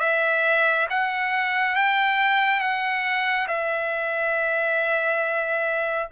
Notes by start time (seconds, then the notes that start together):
0.00 E5
0.90 F#5
1.75 G5
2.60 F#5
3.48 E5